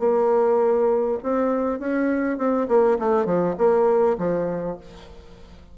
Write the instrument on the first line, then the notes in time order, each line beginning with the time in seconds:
bassoon
0.00 A#3
1.24 C4
1.80 C#4
2.38 C4
2.69 A#3
2.99 A3
3.26 F3
3.58 A#3
4.19 F3